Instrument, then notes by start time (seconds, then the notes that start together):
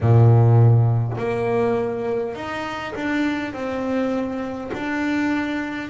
double bass
0.01 A#2
1.17 A#3
2.35 D#4
2.95 D4
3.53 C4
4.73 D4